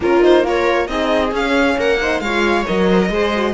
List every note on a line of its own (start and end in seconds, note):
0.00 0.88 A#3
0.00 0.21 C#4
0.00 0.44 F4
0.00 0.24 A#4
0.21 0.43 D#4
0.21 0.46 C5
0.43 0.87 F4
0.43 0.89 A#4
0.43 0.87 C#5
0.87 1.32 C4
0.87 1.32 D#4
0.87 1.78 G#4
0.87 1.31 D#5
1.32 1.76 C#4
1.32 2.00 C#4
1.32 1.79 F5
1.77 2.20 A#3
1.77 2.00 A#4
1.77 2.20 F#5
2.00 2.22 D#4
2.00 2.23 C5
2.20 2.64 G#3
2.20 2.66 F4
2.20 2.90 C#5
2.20 2.64 F5
2.66 3.09 F#3
2.66 3.10 A#4
2.66 3.53 D#5
2.91 3.00 C5
3.00 3.11 A#4
3.09 3.53 G#3
3.09 3.32 G#4
3.09 3.53 C5
3.35 3.53 F#4